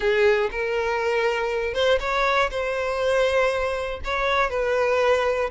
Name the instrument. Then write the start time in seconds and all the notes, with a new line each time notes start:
violin
0.00 G#4
0.51 A#4
1.74 C5
2.00 C#5
2.50 C5
4.04 C#5
4.50 B4